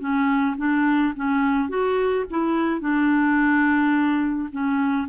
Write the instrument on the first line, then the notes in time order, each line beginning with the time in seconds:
clarinet
0.00 C#4
0.58 D4
1.16 C#4
1.69 F#4
2.30 E4
2.81 D4
4.52 C#4